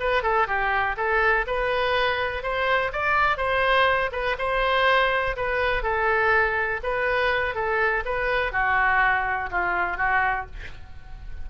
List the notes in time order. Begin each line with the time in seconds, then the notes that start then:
0.00 B4
0.23 A4
0.47 G4
0.97 A4
1.47 B4
2.43 C5
2.93 D5
3.37 C5
4.12 B4
4.39 C5
5.37 B4
5.83 A4
6.83 B4
7.55 A4
8.05 B4
8.52 F#4
9.51 F4
9.97 F#4